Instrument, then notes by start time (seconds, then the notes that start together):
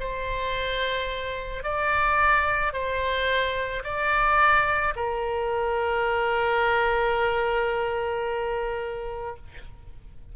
oboe
0.00 C5
1.64 D5
2.73 C5
3.84 D5
4.96 A#4